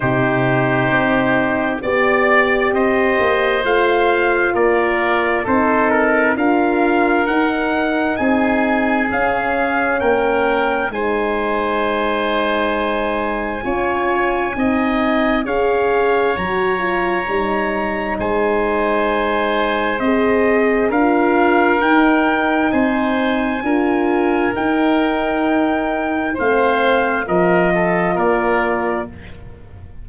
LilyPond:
<<
  \new Staff \with { instrumentName = "trumpet" } { \time 4/4 \tempo 4 = 66 c''2 d''4 dis''4 | f''4 d''4 c''8 ais'8 f''4 | fis''4 gis''4 f''4 g''4 | gis''1~ |
gis''4 f''4 ais''2 | gis''2 dis''4 f''4 | g''4 gis''2 g''4~ | g''4 f''4 dis''4 d''4 | }
  \new Staff \with { instrumentName = "oboe" } { \time 4/4 g'2 d''4 c''4~ | c''4 ais'4 a'4 ais'4~ | ais'4 gis'2 ais'4 | c''2. cis''4 |
dis''4 cis''2. | c''2. ais'4~ | ais'4 c''4 ais'2~ | ais'4 c''4 ais'8 a'8 ais'4 | }
  \new Staff \with { instrumentName = "horn" } { \time 4/4 dis'2 g'2 | f'2 dis'4 f'4 | dis'2 cis'2 | dis'2. f'4 |
dis'4 gis'4 fis'8 f'8 dis'4~ | dis'2 gis'4 f'4 | dis'2 f'4 dis'4~ | dis'4 c'4 f'2 | }
  \new Staff \with { instrumentName = "tuba" } { \time 4/4 c4 c'4 b4 c'8 ais8 | a4 ais4 c'4 d'4 | dis'4 c'4 cis'4 ais4 | gis2. cis'4 |
c'4 cis'4 fis4 g4 | gis2 c'4 d'4 | dis'4 c'4 d'4 dis'4~ | dis'4 a4 f4 ais4 | }
>>